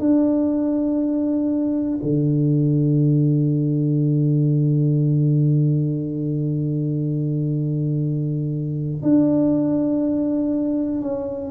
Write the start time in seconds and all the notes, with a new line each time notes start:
0.00 D4
2.03 D3
9.03 D4
11.01 C#4